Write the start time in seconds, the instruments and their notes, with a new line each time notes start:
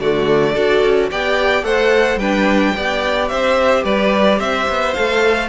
0.00 cello D3, viola A3, violin F#4 D5
0.54 cello D4, viola F#4, violin A4
0.84 cello C#4
1.11 cello B3, viola G4, violin D5 G5
1.63 cello A3, viola A4, violin C5 F#5
2.16 cello G3, viola D4, violin B4 G5
2.75 cello B3, viola G4, violin D5
3.28 cello C4, violin C5 E5
3.84 cello G3, violin B4 D5
4.39 cello C4, violin C5 E5
4.69 cello B3
4.94 cello A3, viola A4, violin F5